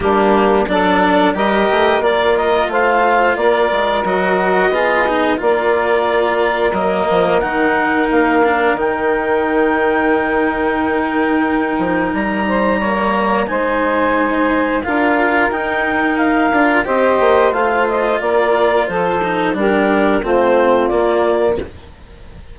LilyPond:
<<
  \new Staff \with { instrumentName = "clarinet" } { \time 4/4 \tempo 4 = 89 g'4 d''4 dis''4 d''8 dis''8 | f''4 d''4 dis''2 | d''2 dis''4 fis''4 | f''4 g''2.~ |
g''2 ais''2 | gis''2 f''4 g''4 | f''4 dis''4 f''8 dis''8 d''4 | c''4 ais'4 c''4 d''4 | }
  \new Staff \with { instrumentName = "saxophone" } { \time 4/4 d'4 a'4 ais'2 | c''4 ais'2 gis'4 | ais'1~ | ais'1~ |
ais'2~ ais'8 c''8 cis''4 | c''2 ais'2~ | ais'4 c''2 ais'4 | a'4 g'4 f'2 | }
  \new Staff \with { instrumentName = "cello" } { \time 4/4 ais4 d'4 g'4 f'4~ | f'2 fis'4 f'8 dis'8 | f'2 ais4 dis'4~ | dis'8 d'8 dis'2.~ |
dis'2. ais4 | dis'2 f'4 dis'4~ | dis'8 f'8 g'4 f'2~ | f'8 dis'8 d'4 c'4 ais4 | }
  \new Staff \with { instrumentName = "bassoon" } { \time 4/4 g4 fis4 g8 a8 ais4 | a4 ais8 gis8 fis4 b4 | ais2 fis8 f8 dis4 | ais4 dis2.~ |
dis4. f8 g2 | gis2 d'4 dis'4~ | dis'8 d'8 c'8 ais8 a4 ais4 | f4 g4 a4 ais4 | }
>>